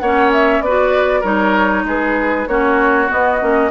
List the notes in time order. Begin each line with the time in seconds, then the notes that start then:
0.00 A#3 C#4 C#5 F#5
0.33 E5
0.60 B3 B4 D5
0.67 F#4
1.21 G3 D#4 A#4 C#5
1.84 G#3 G#4 B4
2.48 A#3 C#4 F#4 C#5
3.09 B3 D#5
3.40 A#3 C#4